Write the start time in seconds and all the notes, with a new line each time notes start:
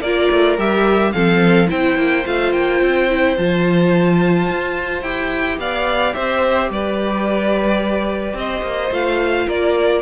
0.00 A#3 F4 A#4 D5
0.31 A3
0.57 G3 G4 E5
1.12 F3 C4 A4 F5
1.67 C4 E4 C5 G5
1.97 A#3
2.26 A3 F4 F5
2.52 A#3 G5
2.81 C4
3.09 E4
3.36 F3 F4 A5
4.49 F4
5.02 E4 G4 G5
5.57 B3 D5 F5
6.14 C4 C5 E5
6.70 G3 B4 D5
8.33 C4 C5 D#5
8.62 A#3
8.91 A3 F4 F5
9.46 A#3 A#4 D5